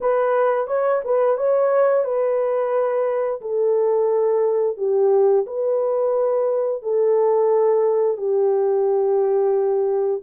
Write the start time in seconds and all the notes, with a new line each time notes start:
0.00 B4
0.67 C#5
1.04 B4
1.37 C#5
2.04 B4
3.41 A4
4.77 G4
5.46 B4
6.82 A4
8.17 G4